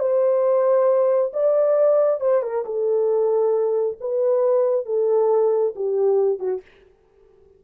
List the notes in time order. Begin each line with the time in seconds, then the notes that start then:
0.00 C5
1.34 D5
2.21 C5
2.43 A#4
2.66 A4
4.01 B4
4.86 A4
5.76 G4
6.40 F#4